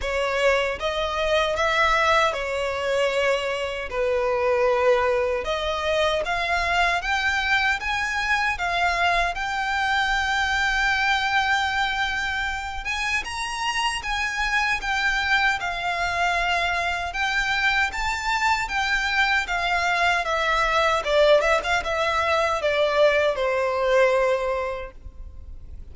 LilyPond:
\new Staff \with { instrumentName = "violin" } { \time 4/4 \tempo 4 = 77 cis''4 dis''4 e''4 cis''4~ | cis''4 b'2 dis''4 | f''4 g''4 gis''4 f''4 | g''1~ |
g''8 gis''8 ais''4 gis''4 g''4 | f''2 g''4 a''4 | g''4 f''4 e''4 d''8 e''16 f''16 | e''4 d''4 c''2 | }